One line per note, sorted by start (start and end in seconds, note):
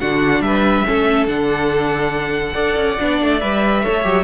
0.00 0.41 D3
0.00 0.85 D4
0.00 0.44 F#4
0.00 0.42 F#5
0.41 0.83 G3
0.41 0.87 B4
0.41 1.27 E5
0.85 1.27 A3
0.85 1.27 C#4
0.85 2.54 A4
1.27 2.55 D3
1.27 2.54 D4
1.27 3.40 F#5
2.54 2.77 D4
2.54 2.97 A4
2.54 3.82 D5
2.77 2.98 C#4
3.00 3.22 B3
3.00 3.41 D4
3.22 3.43 A3
3.40 3.86 G3
3.40 3.84 B4
3.40 4.24 E5
3.83 4.05 A3
3.83 4.04 A4
3.83 4.24 C#5
4.04 4.24 F#3
4.04 4.24 G4